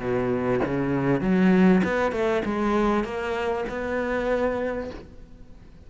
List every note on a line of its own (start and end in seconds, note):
0.00 0.61 B2
0.66 1.21 C#3
1.21 1.82 F#3
1.84 2.12 B3
2.12 2.43 A3
2.46 3.05 G#3
3.05 3.65 A#3
3.69 4.91 B3